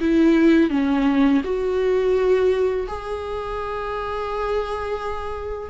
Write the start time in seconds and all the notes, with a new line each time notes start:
0.00 E4
0.70 C#4
1.44 F#4
2.87 G#4